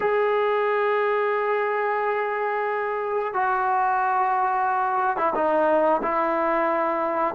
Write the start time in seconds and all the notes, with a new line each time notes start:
0.00 G#4
3.33 F#4
5.17 E4
5.34 D#4
6.02 E4